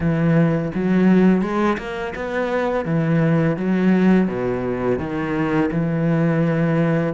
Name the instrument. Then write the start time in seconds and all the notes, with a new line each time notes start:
cello
0.00 E3
0.74 F#3
1.41 G#3
1.78 A#3
2.15 B3
2.85 E3
3.56 F#3
4.27 B2
4.98 D#3
5.71 E3